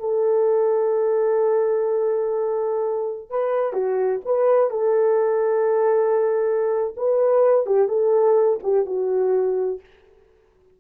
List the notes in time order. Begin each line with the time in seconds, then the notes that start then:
0.00 A4
3.30 B4
3.73 F#4
4.25 B4
4.70 A4
6.96 B4
7.66 G4
7.88 A4
8.63 G4
8.86 F#4